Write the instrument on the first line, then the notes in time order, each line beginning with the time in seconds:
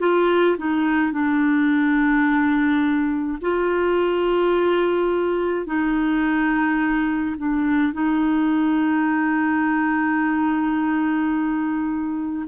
clarinet
0.00 F4
0.58 D#4
1.12 D4
3.41 F4
5.66 D#4
7.37 D4
7.93 D#4